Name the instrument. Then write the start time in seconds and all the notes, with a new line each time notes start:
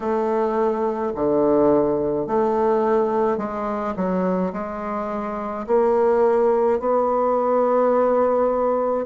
bassoon
0.00 A3
1.15 D3
2.26 A3
3.37 G#3
3.96 F#3
4.53 G#3
5.66 A#3
6.79 B3